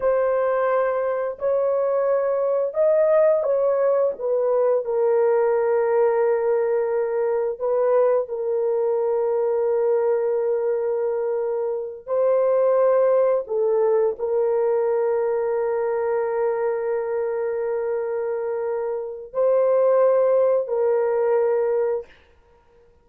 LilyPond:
\new Staff \with { instrumentName = "horn" } { \time 4/4 \tempo 4 = 87 c''2 cis''2 | dis''4 cis''4 b'4 ais'4~ | ais'2. b'4 | ais'1~ |
ais'4. c''2 a'8~ | a'8 ais'2.~ ais'8~ | ais'1 | c''2 ais'2 | }